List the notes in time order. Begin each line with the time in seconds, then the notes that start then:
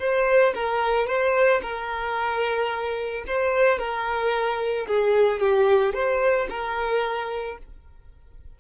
0.00 C5
0.55 A#4
1.07 C5
1.62 A#4
3.27 C5
3.79 A#4
4.88 G#4
5.40 G4
5.94 C5
6.50 A#4